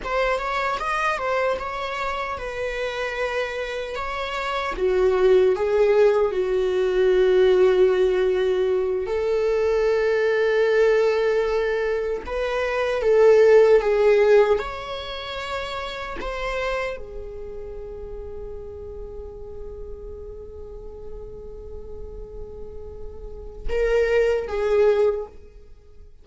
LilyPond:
\new Staff \with { instrumentName = "viola" } { \time 4/4 \tempo 4 = 76 c''8 cis''8 dis''8 c''8 cis''4 b'4~ | b'4 cis''4 fis'4 gis'4 | fis'2.~ fis'8 a'8~ | a'2.~ a'8 b'8~ |
b'8 a'4 gis'4 cis''4.~ | cis''8 c''4 gis'2~ gis'8~ | gis'1~ | gis'2 ais'4 gis'4 | }